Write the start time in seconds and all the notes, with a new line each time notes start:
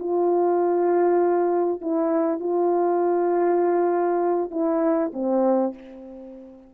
0.00 F4
1.82 E4
2.40 F4
4.51 E4
5.13 C4